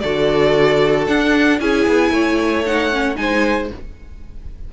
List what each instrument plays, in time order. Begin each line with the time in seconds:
0.00 cello D3, viola F#4, violin A4 D5
1.07 cello D4, viola D4, violin F#5
1.60 cello C#4, viola E4, violin G#4 G#5
1.86 cello B3
2.11 cello A3, violin C#5
2.66 viola D#4, violin F#5
2.92 viola C#4
3.16 cello G#3, viola D#4, violin C5 G#5